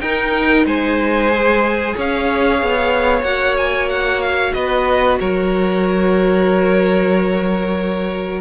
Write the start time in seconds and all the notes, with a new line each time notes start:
0.00 D#4 A#4 G5
0.65 G#3 C5 G#5
1.30 G#4
1.95 C#4 C#5 F5
2.62 B3
3.22 A#3 F#4 F#5
3.57 G#5
3.90 F#5
4.21 F5
4.53 B3 B4 D#5
5.19 F#3 A#4 C#5